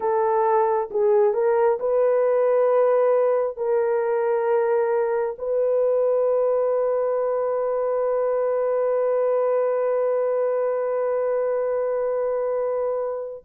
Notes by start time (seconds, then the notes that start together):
0.00 A4
0.90 G#4
1.33 A#4
1.79 B4
3.57 A#4
5.38 B4